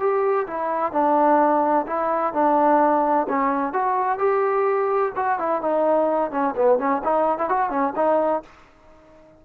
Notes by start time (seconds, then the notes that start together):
0.00 G4
0.47 E4
0.92 D4
1.87 E4
2.34 D4
3.29 C#4
3.73 F#4
4.19 G4
5.16 F#4
5.39 E4
5.62 D#4
6.31 C#4
6.56 B3
6.79 C#4
7.04 D#4
7.38 E4
7.49 F#4
7.70 C#4
7.96 D#4